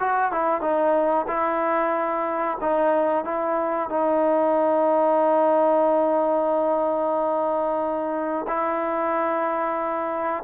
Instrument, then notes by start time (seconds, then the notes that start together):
trombone
0.00 F#4
0.32 E4
0.61 D#4
1.28 E4
2.61 D#4
3.25 E4
3.90 D#4
8.48 E4